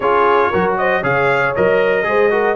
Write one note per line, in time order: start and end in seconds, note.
0.00 0.50 C#4
0.00 0.53 F4
0.00 0.50 G#4
0.00 0.73 C#5
0.50 1.02 F#3
0.50 1.03 F#4
0.50 0.76 A#4
0.77 1.01 C5
0.77 1.03 D#5
1.01 1.54 C#3
1.01 1.55 G#4
1.01 2.05 C#5
1.01 1.55 F5
1.55 2.04 F#3
1.55 2.03 A#4
1.55 2.55 D#5
2.03 2.55 G#3
2.03 2.29 G#4
2.03 2.31 C5
2.30 2.55 F#4
2.30 2.55 A#4